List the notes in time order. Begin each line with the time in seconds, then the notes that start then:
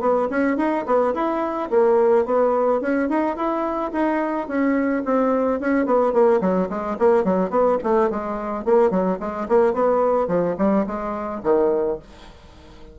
0.00 B3
0.30 C#4
0.57 D#4
0.86 B3
1.14 E4
1.70 A#3
2.25 B3
2.81 C#4
3.09 D#4
3.36 E4
3.92 D#4
4.47 C#4
5.05 C4
5.60 C#4
5.86 B3
6.13 A#3
6.41 F#3
6.69 G#3
6.99 A#3
7.24 F#3
7.50 B3
7.83 A3
8.10 G#3
8.65 A#3
8.90 F#3
9.20 G#3
9.48 A#3
9.73 B3
10.28 F3
10.58 G3
10.86 G#3
11.43 D#3